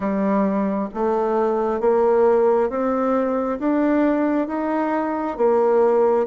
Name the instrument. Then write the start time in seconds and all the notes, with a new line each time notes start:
bassoon
0.00 G3
0.94 A3
1.80 A#3
2.69 C4
3.59 D4
4.47 D#4
5.37 A#3